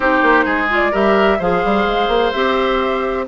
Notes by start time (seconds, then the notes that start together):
0.00 C4 D#4 G4 C5
0.22 A#3
0.45 G#3 G#4
0.69 F4 D5
0.91 G3 G4 A#4 E5
1.38 F3 G#4 C5 F5
1.64 G3
1.86 G#3
2.08 A#3
2.32 C4 G4 E5